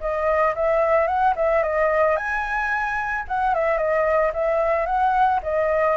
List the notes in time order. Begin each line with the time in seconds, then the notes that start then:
0.00 D#5
0.55 E5
1.07 F#5
1.36 E5
1.62 D#5
2.16 G#5
3.28 F#5
3.54 E5
3.77 D#5
4.33 E5
4.86 F#5
5.43 D#5